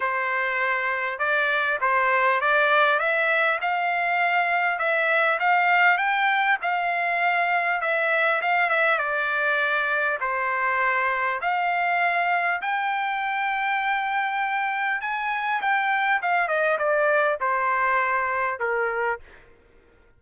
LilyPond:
\new Staff \with { instrumentName = "trumpet" } { \time 4/4 \tempo 4 = 100 c''2 d''4 c''4 | d''4 e''4 f''2 | e''4 f''4 g''4 f''4~ | f''4 e''4 f''8 e''8 d''4~ |
d''4 c''2 f''4~ | f''4 g''2.~ | g''4 gis''4 g''4 f''8 dis''8 | d''4 c''2 ais'4 | }